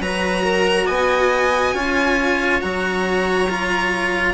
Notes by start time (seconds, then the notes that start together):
0.00 F#3 F#4 B4 A#5
0.45 A#4
0.86 B3 D#5 G#5
1.74 C#4 F4 C#5
2.62 F#3 F#4 A#5
3.50 F4